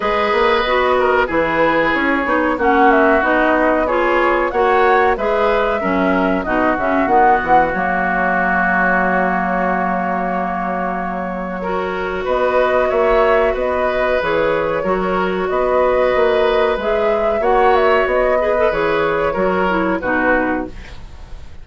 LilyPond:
<<
  \new Staff \with { instrumentName = "flute" } { \time 4/4 \tempo 4 = 93 dis''2 b'4 cis''4 | fis''8 e''8 dis''4 cis''4 fis''4 | e''2 dis''8 e''8 fis''4 | cis''1~ |
cis''2. dis''4 | e''4 dis''4 cis''2 | dis''2 e''4 fis''8 e''8 | dis''4 cis''2 b'4 | }
  \new Staff \with { instrumentName = "oboe" } { \time 4/4 b'4. ais'8 gis'2 | fis'2 gis'4 cis''4 | b'4 ais'4 fis'2~ | fis'1~ |
fis'2 ais'4 b'4 | cis''4 b'2 ais'4 | b'2. cis''4~ | cis''8 b'4. ais'4 fis'4 | }
  \new Staff \with { instrumentName = "clarinet" } { \time 4/4 gis'4 fis'4 e'4. dis'8 | cis'4 dis'4 f'4 fis'4 | gis'4 cis'4 dis'8 cis'8 b4 | ais1~ |
ais2 fis'2~ | fis'2 gis'4 fis'4~ | fis'2 gis'4 fis'4~ | fis'8 gis'16 a'16 gis'4 fis'8 e'8 dis'4 | }
  \new Staff \with { instrumentName = "bassoon" } { \time 4/4 gis8 ais8 b4 e4 cis'8 b8 | ais4 b2 ais4 | gis4 fis4 b,8 cis8 dis8 e8 | fis1~ |
fis2. b4 | ais4 b4 e4 fis4 | b4 ais4 gis4 ais4 | b4 e4 fis4 b,4 | }
>>